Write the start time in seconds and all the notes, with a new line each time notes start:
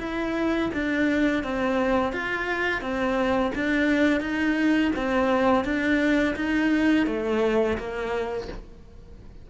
0.00 E4
0.74 D4
1.44 C4
2.13 F4
2.82 C4
3.56 D4
4.21 D#4
4.96 C4
5.65 D4
6.37 D#4
7.07 A3
7.78 A#3